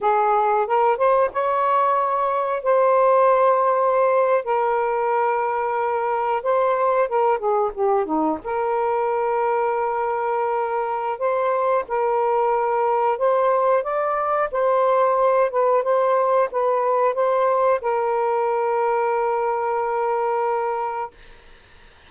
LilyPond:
\new Staff \with { instrumentName = "saxophone" } { \time 4/4 \tempo 4 = 91 gis'4 ais'8 c''8 cis''2 | c''2~ c''8. ais'4~ ais'16~ | ais'4.~ ais'16 c''4 ais'8 gis'8 g'16~ | g'16 dis'8 ais'2.~ ais'16~ |
ais'4 c''4 ais'2 | c''4 d''4 c''4. b'8 | c''4 b'4 c''4 ais'4~ | ais'1 | }